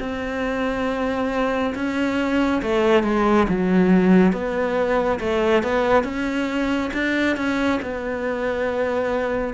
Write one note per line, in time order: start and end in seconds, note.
0.00 1.74 C4
1.75 2.62 C#4
2.62 3.04 A3
3.04 3.47 G#3
3.49 4.33 F#3
4.33 5.20 B3
5.20 5.63 A3
5.63 6.04 B3
6.04 6.91 C#4
6.93 7.36 D4
7.36 7.80 C#4
7.82 9.54 B3